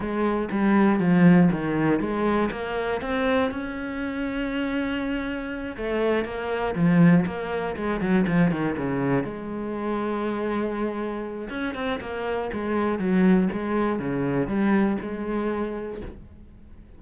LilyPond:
\new Staff \with { instrumentName = "cello" } { \time 4/4 \tempo 4 = 120 gis4 g4 f4 dis4 | gis4 ais4 c'4 cis'4~ | cis'2.~ cis'8 a8~ | a8 ais4 f4 ais4 gis8 |
fis8 f8 dis8 cis4 gis4.~ | gis2. cis'8 c'8 | ais4 gis4 fis4 gis4 | cis4 g4 gis2 | }